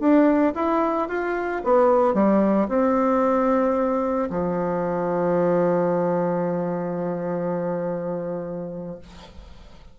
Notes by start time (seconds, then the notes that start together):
0.00 D4
0.55 E4
1.09 F4
1.65 B3
2.15 G3
2.69 C4
4.30 F3